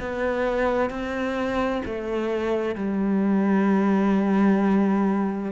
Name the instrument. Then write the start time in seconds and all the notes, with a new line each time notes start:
cello
0.00 B3
0.90 C4
1.85 A3
2.75 G3